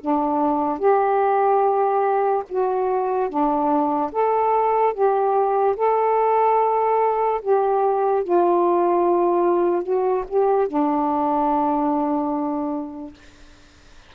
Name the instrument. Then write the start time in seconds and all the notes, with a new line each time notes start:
saxophone
0.00 D4
0.78 G4
2.48 F#4
3.29 D4
4.12 A4
4.93 G4
5.76 A4
7.41 G4
8.23 F4
9.83 F#4
10.28 G4
10.67 D4